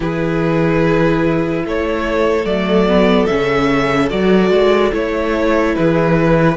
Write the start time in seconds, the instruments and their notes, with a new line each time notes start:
0.00 cello E3, viola E4, violin G#4 B4
1.64 cello A3, violin A4 C#5
2.45 cello F#3, viola A3, violin D5
2.87 viola B3
3.26 cello C#3, viola C#4, violin E5
4.09 cello F#3, viola F#4, violin D5
4.50 cello G#3
4.92 cello A3, viola E4, violin C#5
5.75 cello E3, violin G#4 B4